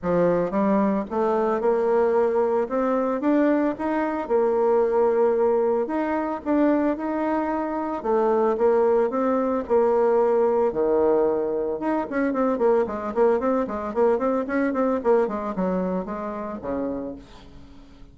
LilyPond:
\new Staff \with { instrumentName = "bassoon" } { \time 4/4 \tempo 4 = 112 f4 g4 a4 ais4~ | ais4 c'4 d'4 dis'4 | ais2. dis'4 | d'4 dis'2 a4 |
ais4 c'4 ais2 | dis2 dis'8 cis'8 c'8 ais8 | gis8 ais8 c'8 gis8 ais8 c'8 cis'8 c'8 | ais8 gis8 fis4 gis4 cis4 | }